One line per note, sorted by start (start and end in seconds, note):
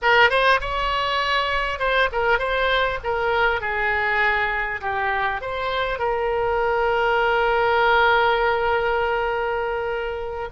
0.01 0.30 A#4
0.30 0.60 C5
0.60 1.79 C#5
1.79 2.09 C5
2.12 2.38 A#4
2.38 2.98 C5
3.03 3.60 A#4
3.60 4.80 G#4
4.81 5.41 G4
5.41 5.98 C5
5.98 10.48 A#4